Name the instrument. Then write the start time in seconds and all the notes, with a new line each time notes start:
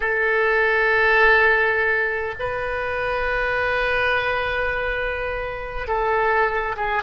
oboe
0.00 A4
2.39 B4
5.87 A4
6.76 G#4